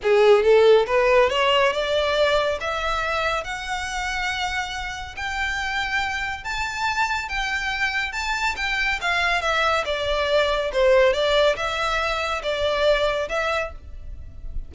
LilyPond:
\new Staff \with { instrumentName = "violin" } { \time 4/4 \tempo 4 = 140 gis'4 a'4 b'4 cis''4 | d''2 e''2 | fis''1 | g''2. a''4~ |
a''4 g''2 a''4 | g''4 f''4 e''4 d''4~ | d''4 c''4 d''4 e''4~ | e''4 d''2 e''4 | }